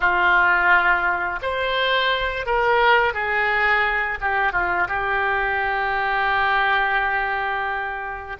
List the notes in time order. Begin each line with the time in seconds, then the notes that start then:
0.00 F4
1.42 C5
2.45 A#4
3.13 G#4
4.21 G4
4.52 F4
4.88 G4